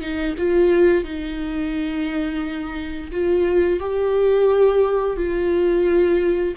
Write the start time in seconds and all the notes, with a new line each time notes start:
0.00 D#4
0.38 F4
1.04 D#4
3.11 F4
3.79 G4
5.16 F4